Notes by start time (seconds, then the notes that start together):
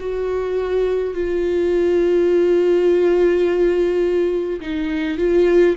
0.00 F#4
1.14 F4
4.61 D#4
5.18 F4